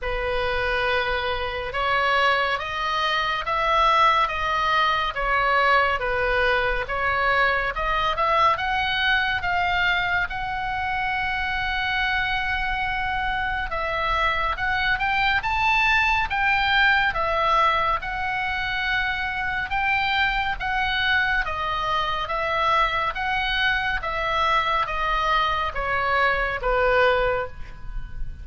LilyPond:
\new Staff \with { instrumentName = "oboe" } { \time 4/4 \tempo 4 = 70 b'2 cis''4 dis''4 | e''4 dis''4 cis''4 b'4 | cis''4 dis''8 e''8 fis''4 f''4 | fis''1 |
e''4 fis''8 g''8 a''4 g''4 | e''4 fis''2 g''4 | fis''4 dis''4 e''4 fis''4 | e''4 dis''4 cis''4 b'4 | }